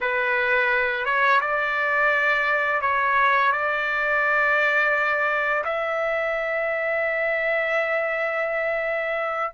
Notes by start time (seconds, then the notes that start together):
0.00 B4
1.05 C#5
1.40 D5
2.81 C#5
3.52 D5
5.64 E5